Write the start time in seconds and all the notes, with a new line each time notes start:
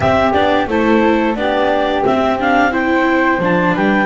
0.00 C4 G4 E5
0.33 B3 D4 D5
0.67 A3 E4 A4 C5
1.35 B3 D4 G4 D5
2.04 C4 E5
2.39 D4 F5
2.71 E4 C5 G5
3.38 F3 D4 A5
3.74 G3 B4 G5